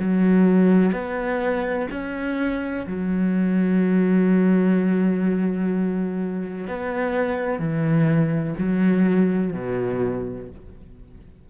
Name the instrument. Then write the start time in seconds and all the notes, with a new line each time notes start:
cello
0.00 F#3
0.93 B3
1.91 C#4
2.87 F#3
6.68 B3
7.60 E3
8.59 F#3
9.53 B2